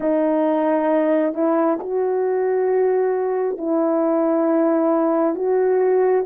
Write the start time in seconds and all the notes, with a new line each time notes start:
0.00 D#4
1.34 E4
1.80 F#4
3.57 E4
5.35 F#4